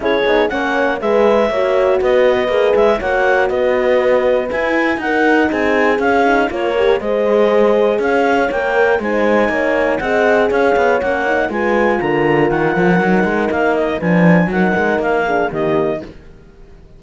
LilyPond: <<
  \new Staff \with { instrumentName = "clarinet" } { \time 4/4 \tempo 4 = 120 cis''4 fis''4 e''2 | dis''4. e''8 fis''4 dis''4~ | dis''4 gis''4 fis''4 gis''4 | f''4 cis''4 dis''2 |
f''4 g''4 gis''2 | fis''4 f''4 fis''4 gis''4 | ais''4 fis''2 f''8 dis''8 | gis''4 fis''4 f''4 dis''4 | }
  \new Staff \with { instrumentName = "horn" } { \time 4/4 gis'4 cis''4 b'4 cis''4 | b'2 cis''4 b'4~ | b'2 ais'4 gis'4~ | gis'4 ais'4 c''2 |
cis''2 c''4 cis''4 | dis''4 cis''2 b'4 | ais'1 | b'4 ais'4. gis'8 g'4 | }
  \new Staff \with { instrumentName = "horn" } { \time 4/4 e'8 dis'8 cis'4 gis'4 fis'4~ | fis'4 gis'4 fis'2~ | fis'4 e'4 dis'2 | cis'8 dis'8 f'8 g'8 gis'2~ |
gis'4 ais'4 dis'2 | gis'2 cis'8 dis'8 f'4~ | f'2 dis'2 | d'4 dis'4. d'8 ais4 | }
  \new Staff \with { instrumentName = "cello" } { \time 4/4 cis'8 b8 ais4 gis4 ais4 | b4 ais8 gis8 ais4 b4~ | b4 e'4 dis'4 c'4 | cis'4 ais4 gis2 |
cis'4 ais4 gis4 ais4 | c'4 cis'8 b8 ais4 gis4 | d4 dis8 f8 fis8 gis8 ais4 | f4 fis8 gis8 ais4 dis4 | }
>>